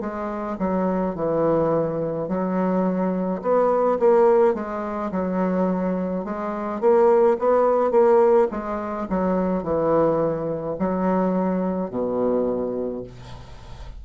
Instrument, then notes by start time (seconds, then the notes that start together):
bassoon
0.00 G#3
0.59 F#3
1.15 E3
2.28 F#3
3.42 B3
3.99 A#3
4.54 G#3
5.11 F#3
6.25 G#3
6.80 A#3
7.39 B3
7.91 A#3
8.51 G#3
9.09 F#3
9.63 E3
10.79 F#3
11.90 B2